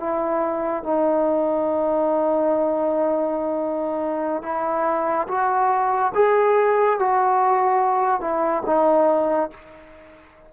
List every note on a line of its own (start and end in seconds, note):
0.00 0.84 E4
0.84 4.43 D#4
4.43 5.27 E4
5.29 6.13 F#4
6.15 6.99 G#4
7.00 8.21 F#4
8.21 8.64 E4
8.67 9.51 D#4